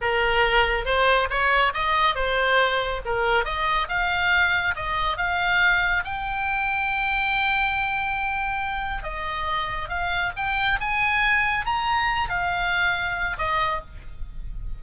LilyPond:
\new Staff \with { instrumentName = "oboe" } { \time 4/4 \tempo 4 = 139 ais'2 c''4 cis''4 | dis''4 c''2 ais'4 | dis''4 f''2 dis''4 | f''2 g''2~ |
g''1~ | g''4 dis''2 f''4 | g''4 gis''2 ais''4~ | ais''8 f''2~ f''8 dis''4 | }